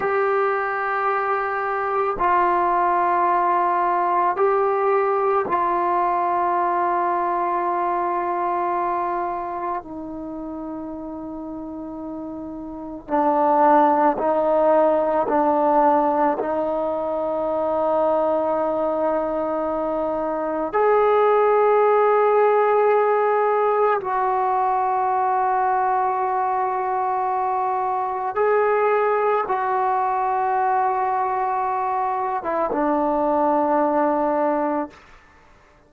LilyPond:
\new Staff \with { instrumentName = "trombone" } { \time 4/4 \tempo 4 = 55 g'2 f'2 | g'4 f'2.~ | f'4 dis'2. | d'4 dis'4 d'4 dis'4~ |
dis'2. gis'4~ | gis'2 fis'2~ | fis'2 gis'4 fis'4~ | fis'4.~ fis'16 e'16 d'2 | }